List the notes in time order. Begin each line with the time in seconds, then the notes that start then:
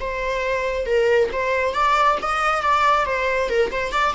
0.00 C5
0.86 A#4
1.32 C5
1.74 D5
2.22 D#5
2.62 D5
3.06 C5
3.49 A#4
3.71 C5
3.92 D5